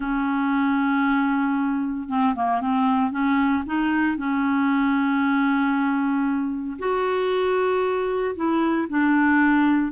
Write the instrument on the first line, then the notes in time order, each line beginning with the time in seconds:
clarinet
0.00 C#4
2.08 C4
2.35 A#3
2.60 C4
3.11 C#4
3.65 D#4
4.17 C#4
6.78 F#4
8.35 E4
8.89 D4